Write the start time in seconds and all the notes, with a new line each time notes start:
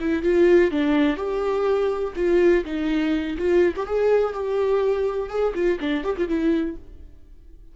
0.00 E4
0.22 F4
0.71 D4
1.17 G4
2.16 F4
2.64 D#4
3.38 F4
3.76 G4
3.86 G#4
4.34 G4
5.29 G#4
5.54 F4
5.80 D4
6.04 G4
6.17 F4
6.28 E4